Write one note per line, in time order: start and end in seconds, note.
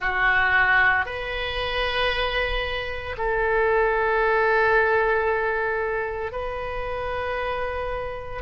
0.00 1.05 F#4
1.05 3.16 B4
3.17 6.32 A4
6.32 8.42 B4